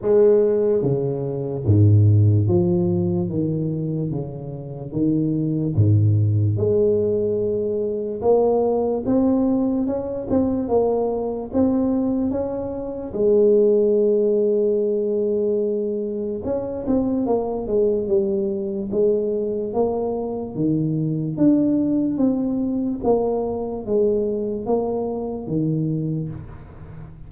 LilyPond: \new Staff \with { instrumentName = "tuba" } { \time 4/4 \tempo 4 = 73 gis4 cis4 gis,4 f4 | dis4 cis4 dis4 gis,4 | gis2 ais4 c'4 | cis'8 c'8 ais4 c'4 cis'4 |
gis1 | cis'8 c'8 ais8 gis8 g4 gis4 | ais4 dis4 d'4 c'4 | ais4 gis4 ais4 dis4 | }